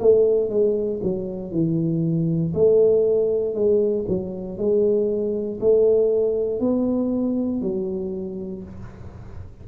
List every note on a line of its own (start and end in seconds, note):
0.00 0.49 A3
0.49 1.00 G#3
1.03 1.51 F#3
1.51 2.52 E3
2.54 3.54 A3
3.54 4.05 G#3
4.08 4.58 F#3
4.58 5.59 G#3
5.60 6.60 A3
6.60 7.61 B3
7.61 8.63 F#3